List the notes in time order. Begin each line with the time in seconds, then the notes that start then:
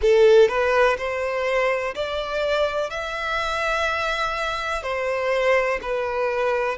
0.01 A4
0.48 B4
0.97 C5
1.94 D5
2.89 E5
4.82 C5
5.82 B4